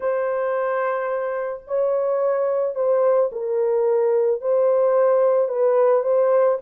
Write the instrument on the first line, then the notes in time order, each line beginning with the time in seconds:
horn
0.00 C5
1.67 C#5
2.75 C5
3.32 A#4
4.41 C5
5.48 B4
6.03 C5